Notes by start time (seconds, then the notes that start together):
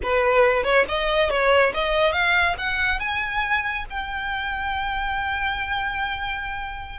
0.02 B4
0.63 C#5
0.88 D#5
1.30 C#5
1.74 D#5
2.12 F5
2.58 F#5
2.99 G#5
3.90 G5